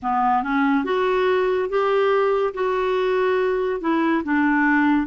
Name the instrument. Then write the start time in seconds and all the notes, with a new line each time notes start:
clarinet
0.02 B3
0.43 C#4
0.84 F#4
1.69 G4
2.54 F#4
3.80 E4
4.24 D4